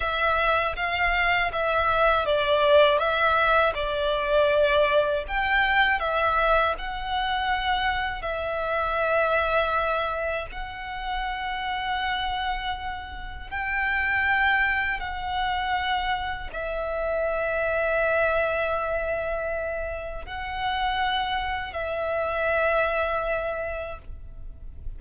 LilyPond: \new Staff \with { instrumentName = "violin" } { \time 4/4 \tempo 4 = 80 e''4 f''4 e''4 d''4 | e''4 d''2 g''4 | e''4 fis''2 e''4~ | e''2 fis''2~ |
fis''2 g''2 | fis''2 e''2~ | e''2. fis''4~ | fis''4 e''2. | }